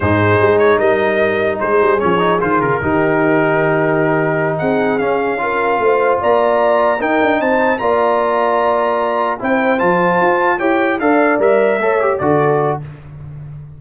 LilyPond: <<
  \new Staff \with { instrumentName = "trumpet" } { \time 4/4 \tempo 4 = 150 c''4. cis''8 dis''2 | c''4 cis''4 c''8 ais'4.~ | ais'2.~ ais'8 fis''8~ | fis''8 f''2. ais''8~ |
ais''4. g''4 a''4 ais''8~ | ais''2.~ ais''8 g''8~ | g''8 a''2 g''4 f''8~ | f''8 e''2 d''4. | }
  \new Staff \with { instrumentName = "horn" } { \time 4/4 gis'2 ais'2 | gis'2. g'4~ | g'2.~ g'8 gis'8~ | gis'4. ais'4 c''4 d''8~ |
d''4. ais'4 c''4 d''8~ | d''2.~ d''8 c''8~ | c''2~ c''8 cis''4 d''8~ | d''4. cis''4 a'4. | }
  \new Staff \with { instrumentName = "trombone" } { \time 4/4 dis'1~ | dis'4 cis'8 dis'8 f'4 dis'4~ | dis'1~ | dis'8 cis'4 f'2~ f'8~ |
f'4. dis'2 f'8~ | f'2.~ f'8 e'8~ | e'8 f'2 g'4 a'8~ | a'8 ais'4 a'8 g'8 fis'4. | }
  \new Staff \with { instrumentName = "tuba" } { \time 4/4 gis,4 gis4 g2 | gis8 g8 f4 dis8 cis8 dis4~ | dis2.~ dis8 c'8~ | c'8 cis'2 a4 ais8~ |
ais4. dis'8 d'8 c'4 ais8~ | ais2.~ ais8 c'8~ | c'8 f4 f'4 e'4 d'8~ | d'8 g4 a4 d4. | }
>>